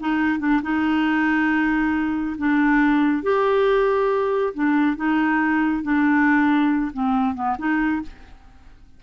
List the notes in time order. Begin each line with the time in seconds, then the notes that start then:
0.00 D#4
0.39 D4
0.62 D#4
2.38 D4
3.23 G4
4.54 D4
4.96 D#4
5.83 D4
6.93 C4
7.35 B3
7.58 D#4